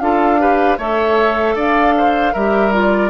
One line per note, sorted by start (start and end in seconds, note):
0.00 0.78 D4
0.00 0.39 F4
0.00 0.41 A4
0.00 0.78 F5
0.39 0.78 G4
0.39 0.78 B4
0.78 1.55 A3
0.78 2.35 A4
0.78 1.55 C#5
0.78 1.57 E5
1.55 2.33 D4
1.55 1.94 D5
1.55 2.34 F5
1.98 2.33 C5
2.33 3.10 G3
2.33 2.72 G4
2.33 3.10 A#4
2.33 2.73 E5
2.72 3.10 F4
2.72 3.10 D5